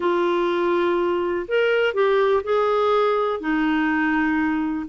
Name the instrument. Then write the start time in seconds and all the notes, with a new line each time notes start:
clarinet
0.00 F4
1.47 A#4
1.94 G4
2.43 G#4
3.40 D#4